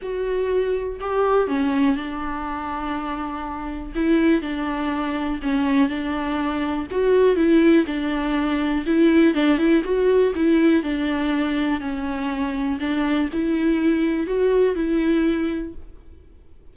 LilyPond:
\new Staff \with { instrumentName = "viola" } { \time 4/4 \tempo 4 = 122 fis'2 g'4 cis'4 | d'1 | e'4 d'2 cis'4 | d'2 fis'4 e'4 |
d'2 e'4 d'8 e'8 | fis'4 e'4 d'2 | cis'2 d'4 e'4~ | e'4 fis'4 e'2 | }